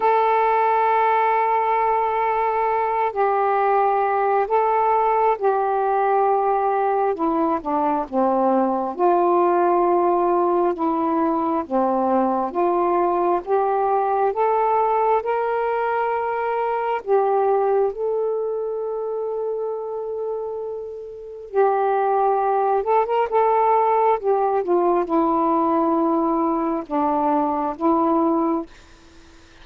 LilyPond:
\new Staff \with { instrumentName = "saxophone" } { \time 4/4 \tempo 4 = 67 a'2.~ a'8 g'8~ | g'4 a'4 g'2 | e'8 d'8 c'4 f'2 | e'4 c'4 f'4 g'4 |
a'4 ais'2 g'4 | a'1 | g'4. a'16 ais'16 a'4 g'8 f'8 | e'2 d'4 e'4 | }